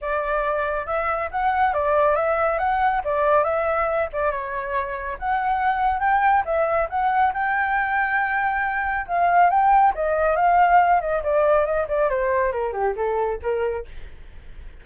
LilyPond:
\new Staff \with { instrumentName = "flute" } { \time 4/4 \tempo 4 = 139 d''2 e''4 fis''4 | d''4 e''4 fis''4 d''4 | e''4. d''8 cis''2 | fis''2 g''4 e''4 |
fis''4 g''2.~ | g''4 f''4 g''4 dis''4 | f''4. dis''8 d''4 dis''8 d''8 | c''4 ais'8 g'8 a'4 ais'4 | }